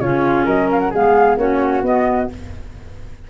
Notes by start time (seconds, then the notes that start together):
0.00 C#3 C#4 F4 C#5
0.45 F#3 A#4 D#5
0.71 F5
0.79 F#5
0.90 G#3 B3 G#4 F5
1.36 A#3 C#4 F#4 C#5
1.82 B3 D#5